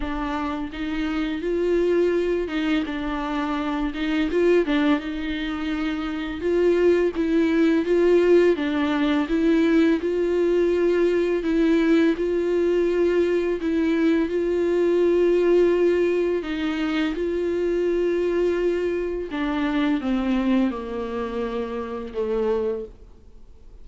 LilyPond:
\new Staff \with { instrumentName = "viola" } { \time 4/4 \tempo 4 = 84 d'4 dis'4 f'4. dis'8 | d'4. dis'8 f'8 d'8 dis'4~ | dis'4 f'4 e'4 f'4 | d'4 e'4 f'2 |
e'4 f'2 e'4 | f'2. dis'4 | f'2. d'4 | c'4 ais2 a4 | }